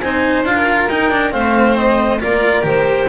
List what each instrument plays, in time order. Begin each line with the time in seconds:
0.00 double bass C4, cello D#4, violin C5, clarinet G#5
0.44 double bass D4, cello F4, clarinet F5
0.56 violin A#4
0.89 cello D#4, double bass D#4, clarinet G5
1.11 cello D4
1.31 double bass A3, cello C4, violin C5, clarinet F5
1.77 clarinet D#5
2.20 double bass A#3, cello F4, violin A#4, clarinet D5
2.63 double bass D#3, cello G4, clarinet C5